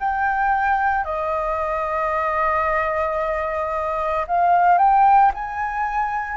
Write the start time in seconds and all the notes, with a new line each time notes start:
0.00 G5
1.05 D#5
4.28 F5
4.78 G5
5.34 G#5